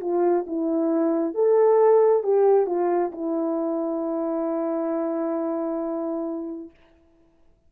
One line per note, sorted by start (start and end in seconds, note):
0.00 0.45 F4
0.46 1.34 E4
1.34 2.23 A4
2.23 2.66 G4
2.66 3.11 F4
3.12 6.70 E4